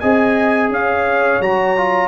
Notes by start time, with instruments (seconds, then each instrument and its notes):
0.00 tuba C4, trombone G#4, horn D#5, trumpet G#5
0.69 tuba C#4, horn C#5, trumpet F5
1.41 tuba F#3, trombone F#4, trumpet A#5
1.77 trombone F4